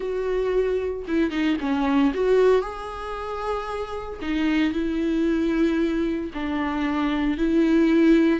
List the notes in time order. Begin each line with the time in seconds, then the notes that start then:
0.00 F#4
1.07 E4
1.30 D#4
1.60 C#4
2.14 F#4
2.61 G#4
4.21 D#4
4.72 E4
6.33 D4
7.37 E4